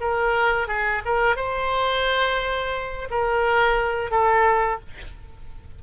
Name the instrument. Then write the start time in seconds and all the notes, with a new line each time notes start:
oboe
0.00 A#4
0.67 G#4
1.05 A#4
1.36 C5
3.10 A#4
4.10 A4